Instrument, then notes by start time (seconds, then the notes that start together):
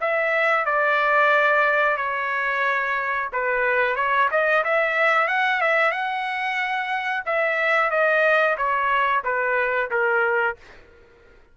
trumpet
0.00 E5
0.65 D5
1.97 C#5
3.32 B4
3.96 C#5
4.31 D#5
4.64 E5
5.27 F#5
5.61 E5
5.91 F#5
7.25 E5
7.90 D#5
8.57 C#5
9.24 B4
9.91 A#4